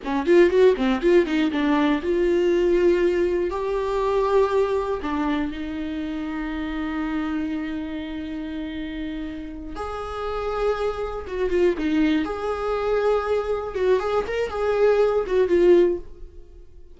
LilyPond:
\new Staff \with { instrumentName = "viola" } { \time 4/4 \tempo 4 = 120 cis'8 f'8 fis'8 c'8 f'8 dis'8 d'4 | f'2. g'4~ | g'2 d'4 dis'4~ | dis'1~ |
dis'2.~ dis'8 gis'8~ | gis'2~ gis'8 fis'8 f'8 dis'8~ | dis'8 gis'2. fis'8 | gis'8 ais'8 gis'4. fis'8 f'4 | }